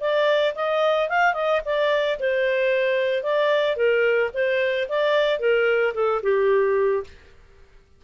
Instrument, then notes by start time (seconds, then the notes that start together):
clarinet
0.00 D5
0.55 D#5
1.09 F5
1.34 D#5
1.65 D5
2.19 C5
3.23 D5
3.76 A#4
4.33 C5
4.88 D5
5.39 A#4
5.94 A4
6.22 G4